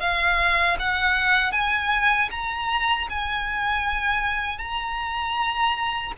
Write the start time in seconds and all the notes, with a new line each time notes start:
0.00 F5
0.79 F#5
1.52 G#5
2.31 A#5
3.10 G#5
4.58 A#5